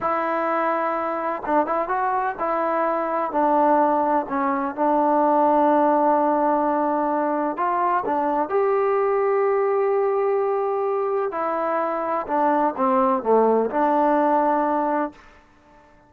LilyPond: \new Staff \with { instrumentName = "trombone" } { \time 4/4 \tempo 4 = 127 e'2. d'8 e'8 | fis'4 e'2 d'4~ | d'4 cis'4 d'2~ | d'1 |
f'4 d'4 g'2~ | g'1 | e'2 d'4 c'4 | a4 d'2. | }